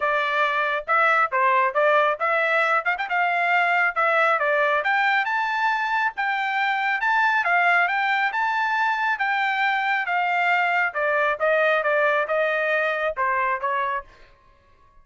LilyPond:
\new Staff \with { instrumentName = "trumpet" } { \time 4/4 \tempo 4 = 137 d''2 e''4 c''4 | d''4 e''4. f''16 g''16 f''4~ | f''4 e''4 d''4 g''4 | a''2 g''2 |
a''4 f''4 g''4 a''4~ | a''4 g''2 f''4~ | f''4 d''4 dis''4 d''4 | dis''2 c''4 cis''4 | }